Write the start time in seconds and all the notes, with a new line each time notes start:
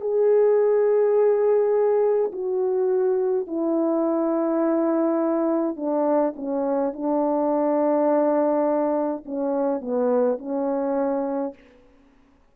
0.00 G#4
2.32 F#4
3.47 E4
5.76 D4
6.35 C#4
6.93 D4
9.25 C#4
9.80 B3
10.38 C#4